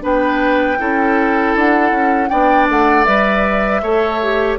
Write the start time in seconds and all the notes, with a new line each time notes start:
0.00 B3 D4 B4 G5
0.78 C#4 E4 A4
1.55 D4 F#5
1.90 C#4
2.28 B3 D4 D5 G5
2.69 A3 F#5
3.04 G3 B4 E5
3.82 A3 A4 C#5
4.22 G4